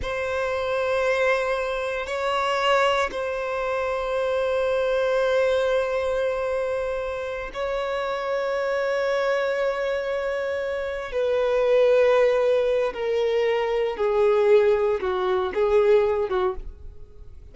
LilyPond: \new Staff \with { instrumentName = "violin" } { \time 4/4 \tempo 4 = 116 c''1 | cis''2 c''2~ | c''1~ | c''2~ c''8 cis''4.~ |
cis''1~ | cis''4. b'2~ b'8~ | b'4 ais'2 gis'4~ | gis'4 fis'4 gis'4. fis'8 | }